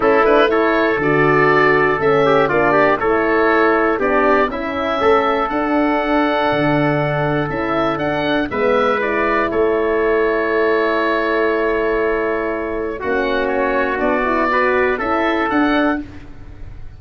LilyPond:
<<
  \new Staff \with { instrumentName = "oboe" } { \time 4/4 \tempo 4 = 120 a'8 b'8 cis''4 d''2 | e''4 d''4 cis''2 | d''4 e''2 fis''4~ | fis''2. e''4 |
fis''4 e''4 d''4 cis''4~ | cis''1~ | cis''2 fis''4 cis''4 | d''2 e''4 fis''4 | }
  \new Staff \with { instrumentName = "trumpet" } { \time 4/4 e'4 a'2.~ | a'8 g'8 f'8 g'8 a'2 | g'4 e'4 a'2~ | a'1~ |
a'4 b'2 a'4~ | a'1~ | a'2 fis'2~ | fis'4 b'4 a'2 | }
  \new Staff \with { instrumentName = "horn" } { \time 4/4 cis'8 d'8 e'4 fis'2 | cis'4 d'4 e'2 | d'4 cis'2 d'4~ | d'2. e'4 |
d'4 b4 e'2~ | e'1~ | e'2 cis'2 | d'8 e'8 fis'4 e'4 d'4 | }
  \new Staff \with { instrumentName = "tuba" } { \time 4/4 a2 d2 | a4 ais4 a2 | b4 cis'4 a4 d'4~ | d'4 d2 cis'4 |
d'4 gis2 a4~ | a1~ | a2 ais2 | b2 cis'4 d'4 | }
>>